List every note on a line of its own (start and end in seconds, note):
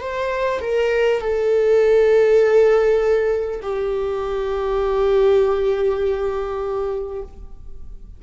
0.00 0.60 C5
0.61 1.20 A#4
1.20 3.60 A4
3.62 7.22 G4